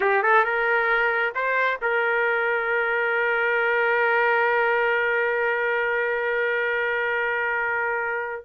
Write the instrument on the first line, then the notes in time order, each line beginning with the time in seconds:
trumpet
0.00 G4
0.22 A4
0.44 A#4
1.35 C5
1.81 A#4